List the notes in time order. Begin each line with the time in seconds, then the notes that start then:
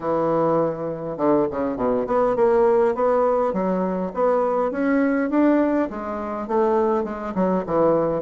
0.00 E3
1.17 D3
1.51 C#3
1.76 B2
2.06 B3
2.36 A#3
2.94 B3
3.53 F#3
4.14 B3
4.71 C#4
5.30 D4
5.90 G#3
6.47 A3
7.04 G#3
7.34 F#3
7.66 E3